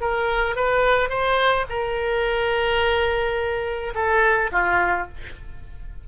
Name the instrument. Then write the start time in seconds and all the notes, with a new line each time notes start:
oboe
0.00 A#4
0.56 B4
1.09 C5
1.69 A#4
3.94 A4
4.51 F4